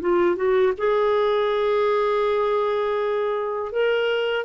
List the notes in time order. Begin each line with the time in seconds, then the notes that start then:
0.00 F4
0.36 F#4
0.77 G#4
3.72 A#4